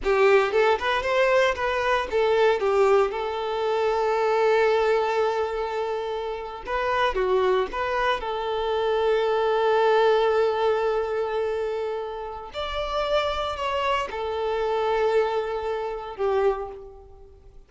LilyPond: \new Staff \with { instrumentName = "violin" } { \time 4/4 \tempo 4 = 115 g'4 a'8 b'8 c''4 b'4 | a'4 g'4 a'2~ | a'1~ | a'8. b'4 fis'4 b'4 a'16~ |
a'1~ | a'1 | d''2 cis''4 a'4~ | a'2. g'4 | }